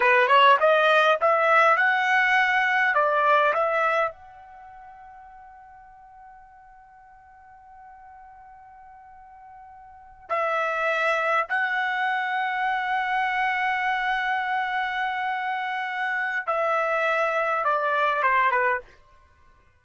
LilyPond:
\new Staff \with { instrumentName = "trumpet" } { \time 4/4 \tempo 4 = 102 b'8 cis''8 dis''4 e''4 fis''4~ | fis''4 d''4 e''4 fis''4~ | fis''1~ | fis''1~ |
fis''4. e''2 fis''8~ | fis''1~ | fis''1 | e''2 d''4 c''8 b'8 | }